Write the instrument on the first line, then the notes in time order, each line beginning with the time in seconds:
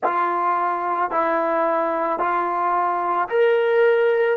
trombone
0.03 F4
1.10 E4
2.19 F4
3.28 A#4